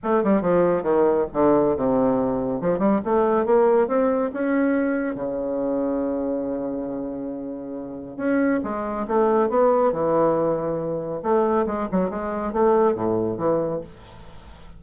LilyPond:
\new Staff \with { instrumentName = "bassoon" } { \time 4/4 \tempo 4 = 139 a8 g8 f4 dis4 d4 | c2 f8 g8 a4 | ais4 c'4 cis'2 | cis1~ |
cis2. cis'4 | gis4 a4 b4 e4~ | e2 a4 gis8 fis8 | gis4 a4 a,4 e4 | }